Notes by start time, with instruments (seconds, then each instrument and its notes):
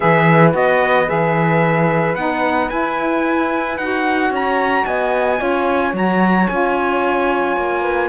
0.00 cello E3, saxophone G#4, horn B4, trumpet E5
0.51 cello B3, saxophone F#4, trumpet D#5
1.07 cello E3, saxophone G#4, trumpet E5
2.15 cello B3, saxophone D#4, trumpet F#5
2.69 cello E4, saxophone E4, trumpet G#5
3.77 cello D#4, saxophone F#4, trumpet F#5
4.30 cello C#4, horn C#5, trumpet A#5
4.85 cello B3, horn D#5, trumpet G#5
5.37 cello C#4, saxophone F4, horn C#5
5.93 cello F#3, saxophone F#4, trumpet A#5
6.47 cello C#4, saxophone F4, trumpet G#5
7.56 cello A#3
7.82 horn B4